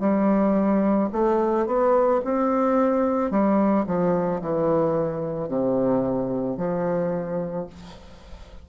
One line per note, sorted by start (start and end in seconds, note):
0.00 1.09 G3
1.13 1.66 A3
1.66 2.21 B3
2.24 3.31 C4
3.31 3.85 G3
3.86 4.41 F3
4.41 5.48 E3
5.48 6.57 C3
6.57 7.66 F3